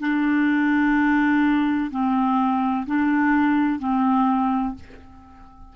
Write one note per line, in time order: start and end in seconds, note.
0.00 1.90 D4
1.91 2.86 C4
2.87 3.80 D4
3.80 4.75 C4